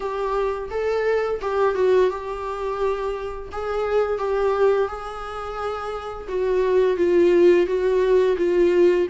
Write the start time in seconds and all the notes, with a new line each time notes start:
0.00 G4
0.70 A4
1.41 G4
1.74 F#4
2.09 G4
3.51 G#4
4.18 G4
4.87 G#4
6.28 F#4
6.96 F4
7.66 F#4
8.37 F4